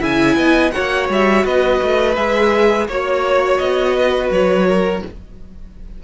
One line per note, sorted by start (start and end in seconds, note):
0.00 0.36 C#3
0.00 0.72 E4
0.00 0.36 E5
0.00 0.71 G#5
0.36 0.72 B3
0.36 0.73 D#5
0.71 2.15 F#4
0.71 1.45 C#5
0.71 1.07 F#5
0.78 1.09 A#3
1.09 1.45 G3
1.09 1.46 E5
1.45 1.81 B3
1.45 2.88 B4
1.45 2.16 D#5
1.83 2.17 A3
2.16 2.88 G#3
2.16 2.88 G#4
2.16 2.87 E5
2.88 3.60 A#3
2.88 5.04 F#4
2.88 3.58 C#5
2.88 3.97 C#5
3.58 4.31 B3
3.58 4.30 D#5
3.97 4.68 B4
4.31 5.02 F#3
4.31 5.04 C#5
4.68 5.03 A#4